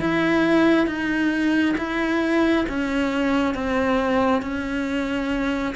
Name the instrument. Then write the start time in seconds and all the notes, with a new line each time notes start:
cello
0.00 E4
0.87 D#4
1.77 E4
2.68 C#4
3.54 C4
4.42 C#4